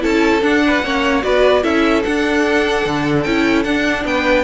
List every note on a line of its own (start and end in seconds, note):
0.00 0.42 C#4
0.00 0.40 E4
0.00 0.62 A4
0.00 0.43 A5
0.41 0.81 D4
0.41 0.82 D4
0.41 1.23 F#5
0.67 0.84 B4
0.82 1.23 A#3
0.82 1.21 C#4
0.82 1.23 C#5
1.21 1.63 B3
1.21 1.62 F#4
1.21 1.63 B4
1.21 1.63 D5
1.62 2.04 C#4
1.62 2.02 E4
1.62 4.04 A4
1.62 2.02 E5
2.02 3.25 D4
2.02 2.85 D4
2.02 3.22 F#5
2.85 3.25 D3
3.22 3.65 C#4
3.22 3.65 E4
3.22 3.63 G5
3.63 4.44 D4
3.63 4.04 D4
3.63 4.04 F#5
4.04 4.44 B3
4.04 4.44 B4
4.04 4.44 G5